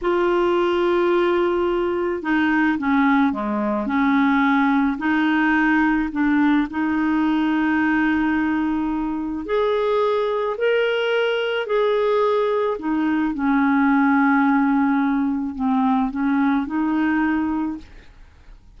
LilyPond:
\new Staff \with { instrumentName = "clarinet" } { \time 4/4 \tempo 4 = 108 f'1 | dis'4 cis'4 gis4 cis'4~ | cis'4 dis'2 d'4 | dis'1~ |
dis'4 gis'2 ais'4~ | ais'4 gis'2 dis'4 | cis'1 | c'4 cis'4 dis'2 | }